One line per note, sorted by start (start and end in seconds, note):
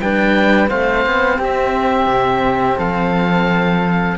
0.00 0.70 G3
0.00 0.67 D4
0.00 0.70 B4
0.00 0.70 G5
0.67 1.06 A3
0.67 4.16 C4
0.67 1.38 C5
0.67 1.40 F5
1.06 1.38 B3
1.38 2.06 C4
1.38 2.78 G4
1.38 2.79 E5
2.06 2.76 C3
2.78 4.18 F3
2.78 4.17 A4
2.78 4.18 F5